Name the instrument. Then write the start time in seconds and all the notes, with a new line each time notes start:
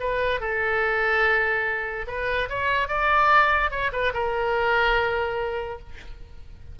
oboe
0.00 B4
0.40 A4
2.07 B4
2.49 C#5
2.88 D5
3.71 C#5
3.92 B4
4.14 A#4